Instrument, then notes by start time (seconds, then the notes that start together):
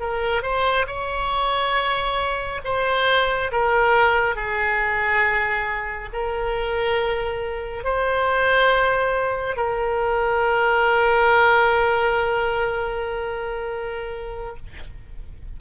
oboe
0.00 A#4
0.42 C5
0.87 C#5
2.64 C5
3.51 A#4
4.35 G#4
6.13 A#4
7.84 C5
9.56 A#4